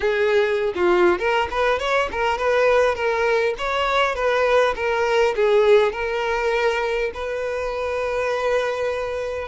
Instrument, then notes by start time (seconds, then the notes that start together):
violin
0.00 G#4
0.75 F4
1.19 A#4
1.50 B4
1.79 C#5
2.11 A#4
2.38 B4
2.95 A#4
3.58 C#5
4.14 B4
4.75 A#4
5.35 G#4
5.92 A#4
7.13 B4